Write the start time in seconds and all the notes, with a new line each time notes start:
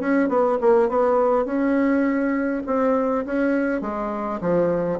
0.00 C#4
0.29 B3
0.61 A#3
0.89 B3
1.45 C#4
2.66 C4
3.25 C#4
3.81 G#3
4.41 F3